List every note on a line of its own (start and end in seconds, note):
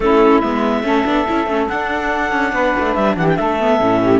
0.00 0.42 A3
0.00 0.42 C#4
0.00 0.85 E4
0.00 0.39 A4
0.39 0.82 G#3
0.39 0.83 B3
0.39 1.66 E5
0.82 1.03 A3
0.82 1.04 C#4
0.82 2.51 A4
1.04 1.26 B3
1.04 1.26 D4
1.27 1.46 C#4
1.27 1.48 E4
1.46 1.67 A3
1.46 1.69 C#4
1.68 3.60 D4
1.68 2.32 D4
1.68 2.94 F#5
2.32 2.52 C#4
2.51 2.73 B3
2.51 3.15 B4
2.79 2.96 A3
2.94 3.16 G3
2.94 3.15 E5
3.16 3.37 E3
3.16 3.38 G4
3.16 3.27 F#5
3.28 3.36 G5
3.36 3.80 A3
3.36 4.01 A4
3.36 4.20 E5
3.60 3.80 B3
3.80 4.20 A2
3.80 4.20 C#4
4.01 4.20 G4